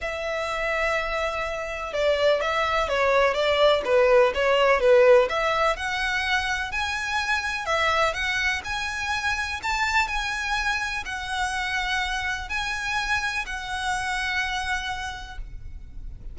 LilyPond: \new Staff \with { instrumentName = "violin" } { \time 4/4 \tempo 4 = 125 e''1 | d''4 e''4 cis''4 d''4 | b'4 cis''4 b'4 e''4 | fis''2 gis''2 |
e''4 fis''4 gis''2 | a''4 gis''2 fis''4~ | fis''2 gis''2 | fis''1 | }